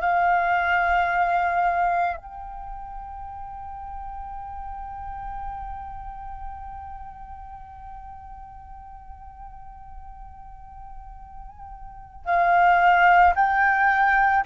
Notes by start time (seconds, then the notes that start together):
0.00 F5
2.17 G5
12.24 F5
13.35 G5